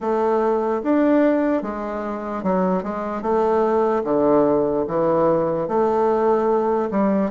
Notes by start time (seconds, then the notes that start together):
0.00 A3
0.83 D4
1.62 G#3
2.43 F#3
2.83 G#3
3.21 A3
4.04 D3
4.87 E3
5.68 A3
6.90 G3